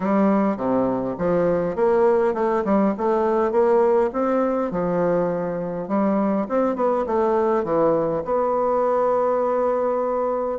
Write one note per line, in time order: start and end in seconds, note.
0.00 0.56 G3
0.56 1.15 C3
1.18 1.75 F3
1.75 2.34 A#3
2.34 2.63 A3
2.64 2.94 G3
2.97 3.51 A3
3.51 4.10 A#3
4.12 4.71 C4
4.71 5.87 F3
5.87 6.46 G3
6.48 6.75 C4
6.75 7.05 B3
7.06 7.63 A3
7.63 8.22 E3
8.25 10.58 B3